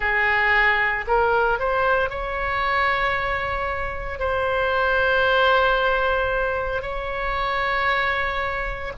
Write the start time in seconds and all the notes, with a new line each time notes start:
0.00 G#4
1.07 A#4
1.59 C5
2.09 C#5
4.19 C5
6.82 C#5